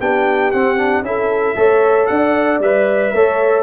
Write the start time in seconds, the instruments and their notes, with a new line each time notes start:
0.00 tuba B3, trombone D4, horn G4, trumpet G5
0.52 trombone C4, tuba C4, trumpet F#5
0.78 trombone D4
1.02 tuba C#4, trombone E4, horn A4, trumpet E5
1.56 tuba A3, trombone A4, horn C#5
2.07 tuba D4, horn D5, trumpet F#5
2.59 tuba G3, trombone B4, trumpet E5
3.13 tuba A3, trombone A4, horn C#5